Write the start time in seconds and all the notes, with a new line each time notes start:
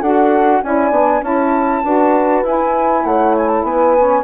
0.00 D4 F#4 A4 F#5
0.63 C#4 E4 D5 G#5
0.91 B3 D4
1.22 C#4 E4 C#5 A5
1.84 D4 F#4 B4
2.44 E4 G#5
3.05 A3 C#5 F#5
3.38 G#5
3.49 A5
3.64 B3 B4 G#5
3.97 C#4